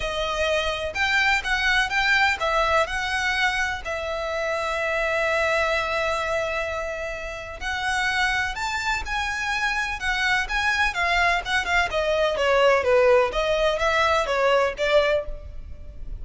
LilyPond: \new Staff \with { instrumentName = "violin" } { \time 4/4 \tempo 4 = 126 dis''2 g''4 fis''4 | g''4 e''4 fis''2 | e''1~ | e''1 |
fis''2 a''4 gis''4~ | gis''4 fis''4 gis''4 f''4 | fis''8 f''8 dis''4 cis''4 b'4 | dis''4 e''4 cis''4 d''4 | }